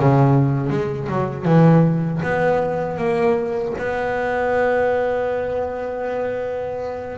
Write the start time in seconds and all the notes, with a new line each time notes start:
0.00 C#3
0.70 G#3
1.09 F#3
1.46 E3
2.23 B3
2.98 A#3
3.78 B3